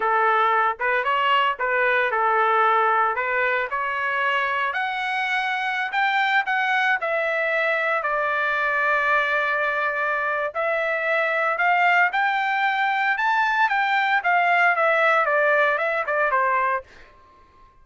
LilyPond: \new Staff \with { instrumentName = "trumpet" } { \time 4/4 \tempo 4 = 114 a'4. b'8 cis''4 b'4 | a'2 b'4 cis''4~ | cis''4 fis''2~ fis''16 g''8.~ | g''16 fis''4 e''2 d''8.~ |
d''1 | e''2 f''4 g''4~ | g''4 a''4 g''4 f''4 | e''4 d''4 e''8 d''8 c''4 | }